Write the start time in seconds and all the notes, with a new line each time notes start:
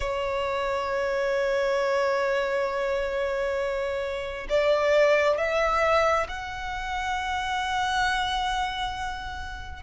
0.00 C#5
4.49 D5
5.37 E5
6.28 F#5